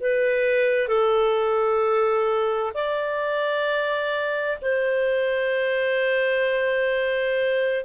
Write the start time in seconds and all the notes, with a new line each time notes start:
0.00 B4
0.88 A4
2.74 D5
4.62 C5